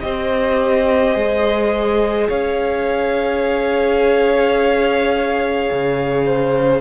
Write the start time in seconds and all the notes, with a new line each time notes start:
0.00 C4 G4 C5 D#5
1.14 G#3 G#4
2.29 C#4 C#5 F5
5.71 C#3
6.25 C5